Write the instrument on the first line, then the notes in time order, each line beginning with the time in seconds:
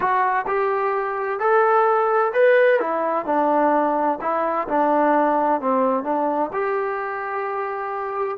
trombone
0.00 F#4
0.47 G4
1.39 A4
2.33 B4
2.79 E4
3.25 D4
4.21 E4
4.67 D4
5.60 C4
6.03 D4
6.52 G4